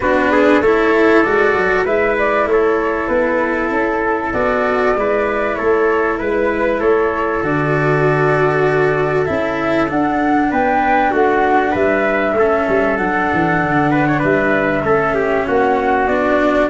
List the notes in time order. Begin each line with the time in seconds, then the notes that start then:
0.00 B3 D4 F#4 B4
0.31 G#4
0.60 A3 E4 A4 C#5
1.23 G#3 F#4 D5
1.55 F#3
1.84 G#3 E4 B4 E5
2.18 D5
2.45 A3 C#5
2.52 A4
3.07 B3 B4
3.70 C#4 A4
4.32 B3 F#4 D5
4.94 G#3 E4 B4
5.55 A3 A4 C#5
6.19 G#3 B4
6.79 A3 A4 C#5
7.42 D3 F#4 D5
9.25 C#4 E4 E5
9.88 D4 F#5
10.50 B3 B4 G5
11.11 A3 F#4 F#5
11.71 G3 B4 E5
12.32 A3
12.38 C#4 A4
12.68 G3
12.97 F#3 D4 F#5
13.33 E3
13.62 D3
13.91 B4
14.07 C#5
14.19 G3 B4 E5
14.83 A3 C#4 A4
15.15 G4
15.47 A#3 F#4 F#5
16.07 B3 D4 D5